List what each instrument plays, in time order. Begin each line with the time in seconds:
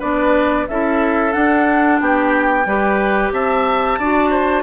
0.00 bassoon B3, clarinet D4, oboe B4, flute D5
0.68 bassoon C#4, clarinet E4, oboe A4, flute E5
1.32 clarinet D4, bassoon D4, flute F#5
2.01 bassoon B3, oboe G4, flute G5
2.66 bassoon G3, clarinet G4, oboe B4
3.32 bassoon C4, oboe E5, flute A5
3.99 bassoon D4, clarinet F#4, oboe D5
4.31 oboe C5